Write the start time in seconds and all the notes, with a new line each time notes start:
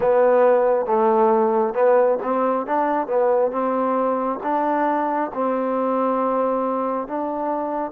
0.00 B3
0.86 A3
1.74 B3
2.23 C4
2.66 D4
3.07 B3
3.51 C4
4.43 D4
5.33 C4
7.07 D4